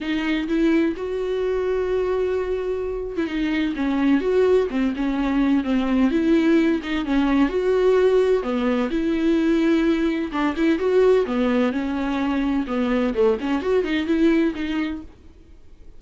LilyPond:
\new Staff \with { instrumentName = "viola" } { \time 4/4 \tempo 4 = 128 dis'4 e'4 fis'2~ | fis'2~ fis'8. e'16 dis'4 | cis'4 fis'4 c'8 cis'4. | c'4 e'4. dis'8 cis'4 |
fis'2 b4 e'4~ | e'2 d'8 e'8 fis'4 | b4 cis'2 b4 | a8 cis'8 fis'8 dis'8 e'4 dis'4 | }